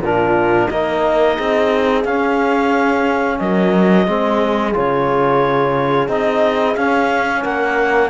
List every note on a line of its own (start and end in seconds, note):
0.00 0.67 A#2
0.00 0.72 D4
0.00 0.71 F4
0.00 0.69 A#4
0.69 1.38 A#3
0.69 2.06 D#4
0.69 1.36 A#4
0.69 2.04 D#5
1.36 2.05 C4
1.36 3.38 G#4
2.05 3.39 C#4
2.05 4.08 C#4
2.05 3.39 F5
3.39 4.08 F#3
3.39 4.08 A#4
3.39 4.74 D#5
4.08 4.75 G#3
4.08 4.74 C4
4.08 7.43 G#4
4.74 6.09 C#3
4.74 6.09 F4
4.74 6.09 C#5
6.09 6.76 C4
6.09 6.76 D#4
6.09 6.76 D#5
6.76 8.10 C#4
6.76 7.45 C#4
6.76 7.43 F5
7.43 8.10 A#3
7.43 8.10 A#4
7.43 8.10 F#5